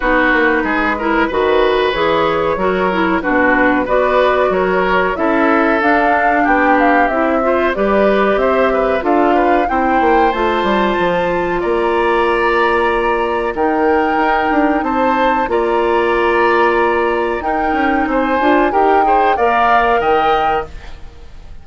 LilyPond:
<<
  \new Staff \with { instrumentName = "flute" } { \time 4/4 \tempo 4 = 93 b'2. cis''4~ | cis''4 b'4 d''4 cis''4 | e''4 f''4 g''8 f''8 e''4 | d''4 e''4 f''4 g''4 |
a''2 ais''2~ | ais''4 g''2 a''4 | ais''2. g''4 | gis''4 g''4 f''4 g''4 | }
  \new Staff \with { instrumentName = "oboe" } { \time 4/4 fis'4 gis'8 ais'8 b'2 | ais'4 fis'4 b'4 ais'4 | a'2 g'4. c''8 | b'4 c''8 b'8 a'8 b'8 c''4~ |
c''2 d''2~ | d''4 ais'2 c''4 | d''2. ais'4 | c''4 ais'8 c''8 d''4 dis''4 | }
  \new Staff \with { instrumentName = "clarinet" } { \time 4/4 dis'4. e'8 fis'4 gis'4 | fis'8 e'8 d'4 fis'2 | e'4 d'2 e'8 f'8 | g'2 f'4 e'4 |
f'1~ | f'4 dis'2. | f'2. dis'4~ | dis'8 f'8 g'8 gis'8 ais'2 | }
  \new Staff \with { instrumentName = "bassoon" } { \time 4/4 b8 ais8 gis4 dis4 e4 | fis4 b,4 b4 fis4 | cis'4 d'4 b4 c'4 | g4 c'4 d'4 c'8 ais8 |
a8 g8 f4 ais2~ | ais4 dis4 dis'8 d'8 c'4 | ais2. dis'8 cis'8 | c'8 d'8 dis'4 ais4 dis4 | }
>>